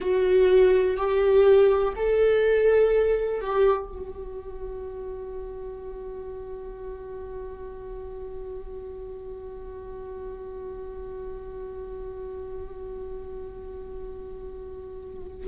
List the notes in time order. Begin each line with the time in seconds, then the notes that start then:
0.00 F#4
0.96 G4
1.96 A4
3.40 G4
3.88 F#4